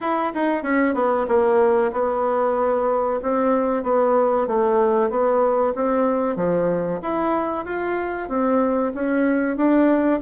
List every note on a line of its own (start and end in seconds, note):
0.00 0.32 E4
0.34 0.62 D#4
0.62 0.94 C#4
0.94 1.26 B3
1.28 1.91 A#3
1.92 3.20 B3
3.22 3.83 C4
3.83 4.47 B3
4.47 5.09 A3
5.09 5.73 B3
5.75 6.36 C4
6.36 7.00 F3
7.02 7.65 E4
7.65 8.28 F4
8.28 8.92 C4
8.94 9.56 C#4
9.56 10.20 D4